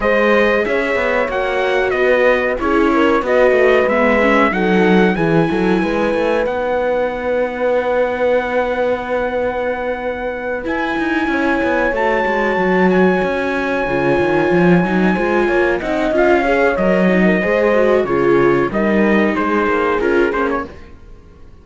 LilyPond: <<
  \new Staff \with { instrumentName = "trumpet" } { \time 4/4 \tempo 4 = 93 dis''4 e''4 fis''4 dis''4 | cis''4 dis''4 e''4 fis''4 | gis''2 fis''2~ | fis''1~ |
fis''8 gis''2 a''4. | gis''1~ | gis''8 fis''8 f''4 dis''2 | cis''4 dis''4 c''4 ais'8 c''16 cis''16 | }
  \new Staff \with { instrumentName = "horn" } { \time 4/4 c''4 cis''2 b'4 | gis'8 ais'8 b'2 a'4 | gis'8 a'8 b'2.~ | b'1~ |
b'4. cis''2~ cis''8~ | cis''2.~ cis''8 c''8 | cis''8 dis''4 cis''4~ cis''16 ais'16 c''4 | gis'4 ais'4 gis'2 | }
  \new Staff \with { instrumentName = "viola" } { \time 4/4 gis'2 fis'2 | e'4 fis'4 b8 cis'8 dis'4 | e'2 dis'2~ | dis'1~ |
dis'8 e'2 fis'4.~ | fis'4. f'4. dis'8 f'8~ | f'8 dis'8 f'8 gis'8 ais'8 dis'8 gis'8 fis'8 | f'4 dis'2 f'8 cis'8 | }
  \new Staff \with { instrumentName = "cello" } { \time 4/4 gis4 cis'8 b8 ais4 b4 | cis'4 b8 a8 gis4 fis4 | e8 fis8 gis8 a8 b2~ | b1~ |
b8 e'8 dis'8 cis'8 b8 a8 gis8 fis8~ | fis8 cis'4 cis8 dis8 f8 fis8 gis8 | ais8 c'8 cis'4 fis4 gis4 | cis4 g4 gis8 ais8 cis'8 ais8 | }
>>